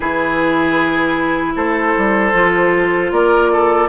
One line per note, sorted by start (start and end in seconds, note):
0.00 1.55 E3
0.00 2.32 E4
0.00 1.53 G#4
0.00 1.54 B4
1.55 1.94 A3
1.55 3.11 A4
1.55 3.12 C5
1.97 2.33 G3
2.33 3.11 F3
2.33 3.89 F4
3.11 3.89 A#3
3.11 3.51 A#4
3.11 3.89 D5
3.52 3.89 A4